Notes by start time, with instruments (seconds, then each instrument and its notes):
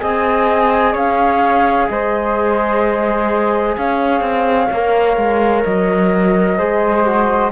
0.00 cello C4, trombone G#4, flute D#5 G#5
0.93 cello C#4, flute C#5 F5
1.89 cello G#3, flute C5 D#5
3.78 cello C#4, flute C#5 F5
4.21 cello C4
4.71 cello A#3, trombone A#4
5.17 cello G#3
5.64 cello F#3, flute D#5
6.58 cello G#3, trombone G#4, flute C5
7.06 trombone F#4